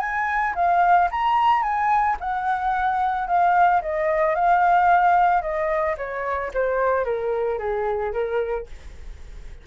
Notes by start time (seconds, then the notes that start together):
0.00 G#5
0.56 F5
1.11 A#5
1.63 G#5
2.20 F#5
3.28 F5
3.82 D#5
4.35 F5
5.42 D#5
5.98 C#5
6.54 C5
7.05 A#4
7.59 G#4
8.13 A#4